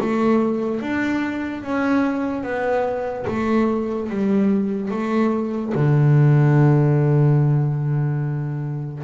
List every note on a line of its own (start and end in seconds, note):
0.00 0.81 A3
0.81 1.63 D4
1.63 2.43 C#4
2.43 3.25 B3
3.27 4.09 A3
4.09 4.91 G3
4.91 5.73 A3
5.74 9.03 D3